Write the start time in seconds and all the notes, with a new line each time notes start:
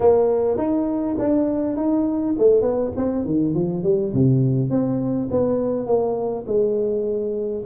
0.00 A#3
0.57 D#4
1.18 D4
1.76 D#4
2.38 A3
2.61 B3
2.96 C4
3.25 D#3
3.54 F3
3.83 G3
4.13 C3
4.70 C4
5.30 B3
5.86 A#3
6.47 G#3